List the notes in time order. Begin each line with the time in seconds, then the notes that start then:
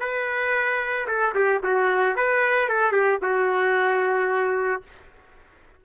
0.00 B4
1.07 A4
1.35 G4
1.63 F#4
2.16 B4
2.69 A4
2.92 G4
3.22 F#4